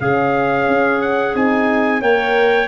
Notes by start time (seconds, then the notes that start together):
0.00 C#3 C#4 G#4 F5
0.68 C#4
1.02 F#5
1.35 C4 D#4 G#5
2.02 A#3 A#4 C#5 G5